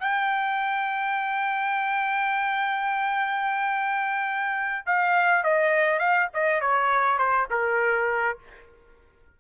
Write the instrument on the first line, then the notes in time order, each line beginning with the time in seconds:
trumpet
0.00 G5
4.86 F5
5.44 D#5
5.99 F5
6.34 D#5
6.61 C#5
7.18 C5
7.50 A#4